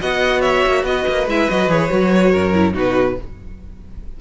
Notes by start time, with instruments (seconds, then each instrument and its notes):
0.00 cello B3, viola F#4, violin D#5 F#5
0.41 violin C#5 E5
0.66 cello A#3
0.83 cello B3, violin D#5
0.89 violin B4
1.08 cello A#3
1.27 cello G#3, viola E4, violin E5
1.50 cello F#3, viola F#4, violin D#5
1.68 cello E3, viola G#4, violin C#5
1.90 cello F#3, viola F#4
2.31 cello F#2, violin A#4
2.54 viola E4
2.73 cello B2, viola D#4, violin F#4 B4